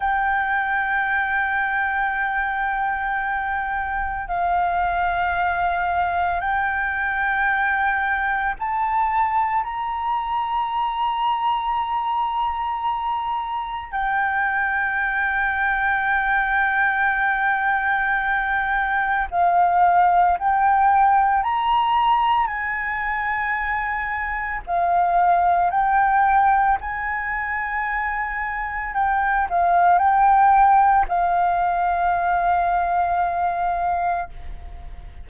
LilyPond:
\new Staff \with { instrumentName = "flute" } { \time 4/4 \tempo 4 = 56 g''1 | f''2 g''2 | a''4 ais''2.~ | ais''4 g''2.~ |
g''2 f''4 g''4 | ais''4 gis''2 f''4 | g''4 gis''2 g''8 f''8 | g''4 f''2. | }